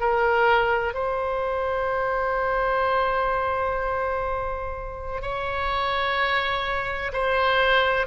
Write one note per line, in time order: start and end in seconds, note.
0.00 0.94 A#4
0.94 5.22 C5
5.22 7.12 C#5
7.13 8.06 C5